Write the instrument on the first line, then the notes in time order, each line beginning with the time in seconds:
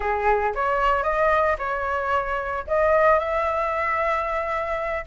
flute
0.00 G#4
0.54 C#5
1.03 D#5
1.58 C#5
2.67 D#5
3.19 E5